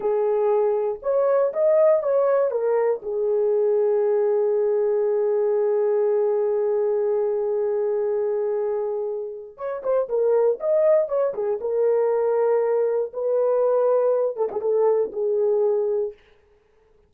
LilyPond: \new Staff \with { instrumentName = "horn" } { \time 4/4 \tempo 4 = 119 gis'2 cis''4 dis''4 | cis''4 ais'4 gis'2~ | gis'1~ | gis'1~ |
gis'2. cis''8 c''8 | ais'4 dis''4 cis''8 gis'8 ais'4~ | ais'2 b'2~ | b'8 a'16 gis'16 a'4 gis'2 | }